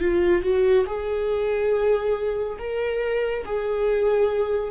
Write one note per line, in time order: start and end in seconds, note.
0.00 0.42 F4
0.42 0.85 F#4
0.86 2.58 G#4
2.59 3.44 A#4
3.45 4.71 G#4